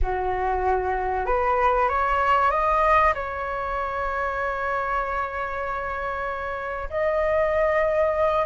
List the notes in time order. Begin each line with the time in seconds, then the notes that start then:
0.02 F#4
1.26 B4
1.88 C#5
2.51 D#5
3.14 C#5
6.89 D#5